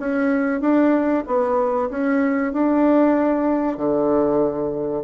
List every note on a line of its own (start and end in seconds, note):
0.00 0.61 C#4
0.61 1.24 D4
1.27 1.90 B3
1.90 2.53 C#4
2.53 3.78 D4
3.78 5.04 D3